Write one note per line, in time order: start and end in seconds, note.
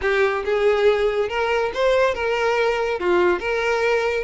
0.01 0.44 G4
0.45 1.28 G#4
1.28 1.71 A#4
1.74 2.14 C5
2.14 2.99 A#4
2.99 3.39 F4
3.39 4.23 A#4